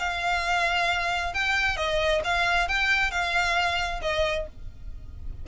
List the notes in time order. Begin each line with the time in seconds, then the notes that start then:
0.00 F5
1.34 G5
1.77 D#5
2.25 F5
2.69 G5
3.12 F5
4.02 D#5